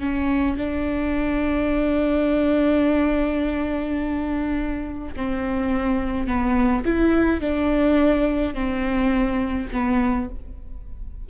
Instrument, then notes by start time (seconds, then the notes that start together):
viola
0.00 C#4
0.57 D4
5.16 C4
6.27 B3
6.85 E4
7.41 D4
8.54 C4
9.72 B3